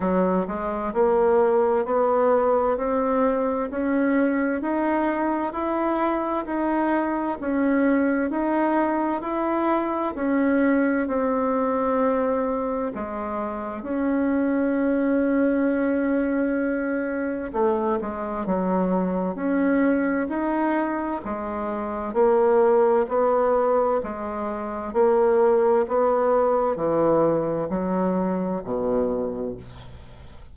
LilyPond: \new Staff \with { instrumentName = "bassoon" } { \time 4/4 \tempo 4 = 65 fis8 gis8 ais4 b4 c'4 | cis'4 dis'4 e'4 dis'4 | cis'4 dis'4 e'4 cis'4 | c'2 gis4 cis'4~ |
cis'2. a8 gis8 | fis4 cis'4 dis'4 gis4 | ais4 b4 gis4 ais4 | b4 e4 fis4 b,4 | }